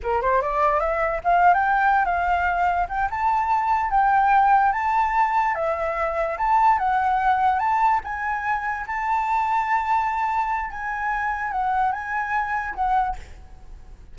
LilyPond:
\new Staff \with { instrumentName = "flute" } { \time 4/4 \tempo 4 = 146 ais'8 c''8 d''4 e''4 f''8. g''16~ | g''4 f''2 g''8 a''8~ | a''4. g''2 a''8~ | a''4. e''2 a''8~ |
a''8 fis''2 a''4 gis''8~ | gis''4. a''2~ a''8~ | a''2 gis''2 | fis''4 gis''2 fis''4 | }